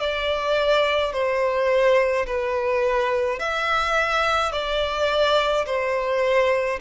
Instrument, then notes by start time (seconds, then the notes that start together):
violin
0.00 D5
1.13 C5
2.26 B4
3.39 E5
4.52 D5
5.66 C5